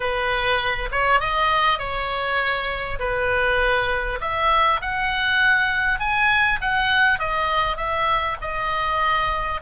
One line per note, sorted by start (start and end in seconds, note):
0.00 0.89 B4
0.91 1.20 C#5
1.20 1.78 D#5
1.78 2.98 C#5
2.99 4.19 B4
4.20 4.80 E5
4.81 5.99 F#5
5.99 6.59 G#5
6.61 7.19 F#5
7.19 7.76 D#5
7.76 8.36 E5
8.41 9.61 D#5